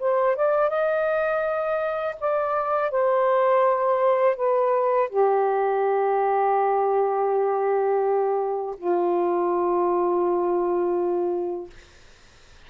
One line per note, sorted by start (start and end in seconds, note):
0.00 0.36 C5
0.36 0.70 D5
0.70 2.16 D#5
2.21 2.91 D5
2.91 4.37 C5
4.37 5.10 B4
5.10 8.76 G4
8.78 11.71 F4